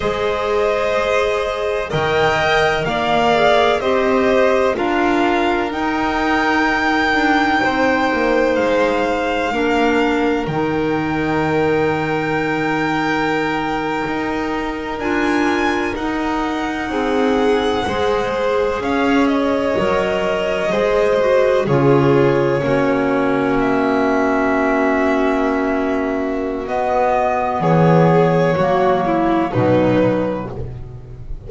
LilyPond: <<
  \new Staff \with { instrumentName = "violin" } { \time 4/4 \tempo 4 = 63 dis''2 g''4 f''4 | dis''4 f''4 g''2~ | g''4 f''2 g''4~ | g''2.~ g''8. gis''16~ |
gis''8. fis''2. f''16~ | f''16 dis''2~ dis''8 cis''4~ cis''16~ | cis''8. e''2.~ e''16 | dis''4 cis''2 b'4 | }
  \new Staff \with { instrumentName = "violin" } { \time 4/4 c''2 dis''4 d''4 | c''4 ais'2. | c''2 ais'2~ | ais'1~ |
ais'4.~ ais'16 gis'4 c''4 cis''16~ | cis''4.~ cis''16 c''4 gis'4 fis'16~ | fis'1~ | fis'4 gis'4 fis'8 e'8 dis'4 | }
  \new Staff \with { instrumentName = "clarinet" } { \time 4/4 gis'2 ais'4. gis'8 | g'4 f'4 dis'2~ | dis'2 d'4 dis'4~ | dis'2.~ dis'8. f'16~ |
f'8. dis'2 gis'4~ gis'16~ | gis'8. ais'4 gis'8 fis'8 f'4 cis'16~ | cis'1 | b2 ais4 fis4 | }
  \new Staff \with { instrumentName = "double bass" } { \time 4/4 gis2 dis4 ais4 | c'4 d'4 dis'4. d'8 | c'8 ais8 gis4 ais4 dis4~ | dis2~ dis8. dis'4 d'16~ |
d'8. dis'4 c'4 gis4 cis'16~ | cis'8. fis4 gis4 cis4 ais16~ | ais1 | b4 e4 fis4 b,4 | }
>>